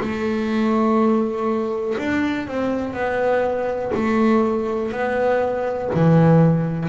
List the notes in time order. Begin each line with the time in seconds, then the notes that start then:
0.00 A3
1.98 D4
2.47 C4
2.93 B3
3.94 A3
4.91 B3
5.94 E3